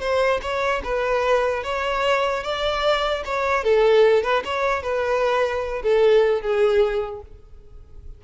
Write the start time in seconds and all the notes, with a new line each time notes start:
0.00 C5
0.41 C#5
0.84 B4
1.63 C#5
2.43 D5
3.25 C#5
3.63 A4
4.23 B4
4.44 C#5
4.82 B4
5.82 A4
6.41 G#4